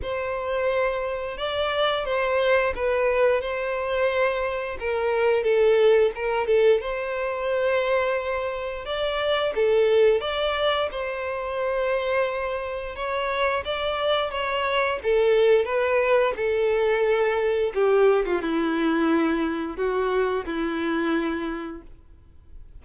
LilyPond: \new Staff \with { instrumentName = "violin" } { \time 4/4 \tempo 4 = 88 c''2 d''4 c''4 | b'4 c''2 ais'4 | a'4 ais'8 a'8 c''2~ | c''4 d''4 a'4 d''4 |
c''2. cis''4 | d''4 cis''4 a'4 b'4 | a'2 g'8. f'16 e'4~ | e'4 fis'4 e'2 | }